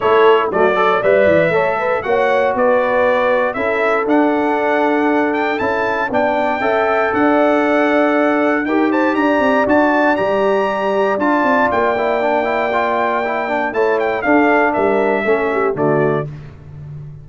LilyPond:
<<
  \new Staff \with { instrumentName = "trumpet" } { \time 4/4 \tempo 4 = 118 cis''4 d''4 e''2 | fis''4 d''2 e''4 | fis''2~ fis''8 g''8 a''4 | g''2 fis''2~ |
fis''4 g''8 a''8 ais''4 a''4 | ais''2 a''4 g''4~ | g''2. a''8 g''8 | f''4 e''2 d''4 | }
  \new Staff \with { instrumentName = "horn" } { \time 4/4 a'4 fis'8. cis''16 d''4 cis''8 b'8 | cis''4 b'2 a'4~ | a'1 | d''4 e''4 d''2~ |
d''4 ais'8 c''8 d''2~ | d''1~ | d''2. cis''4 | a'4 ais'4 a'8 g'8 fis'4 | }
  \new Staff \with { instrumentName = "trombone" } { \time 4/4 e'4 a8 a'8 b'4 a'4 | fis'2. e'4 | d'2. e'4 | d'4 a'2.~ |
a'4 g'2 fis'4 | g'2 f'4. e'8 | d'8 e'8 f'4 e'8 d'8 e'4 | d'2 cis'4 a4 | }
  \new Staff \with { instrumentName = "tuba" } { \time 4/4 a4 fis4 g8 e8 a4 | ais4 b2 cis'4 | d'2. cis'4 | b4 cis'4 d'2~ |
d'4 dis'4 d'8 c'8 d'4 | g2 d'8 c'8 ais4~ | ais2. a4 | d'4 g4 a4 d4 | }
>>